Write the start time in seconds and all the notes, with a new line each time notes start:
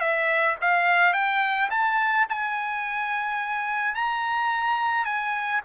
0.00 E5
0.61 F5
1.13 G5
1.71 A5
2.29 G#5
3.95 A#5
5.05 G#5